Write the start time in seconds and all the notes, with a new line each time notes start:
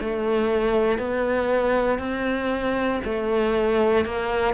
0.00 A3
0.98 B3
1.99 C4
3.04 A3
4.05 A#3